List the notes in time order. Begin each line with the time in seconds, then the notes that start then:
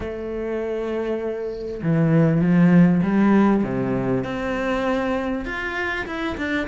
0.00 A3
1.82 E3
2.41 F3
3.02 G3
3.63 C3
4.24 C4
5.45 F4
6.06 E4
6.37 D4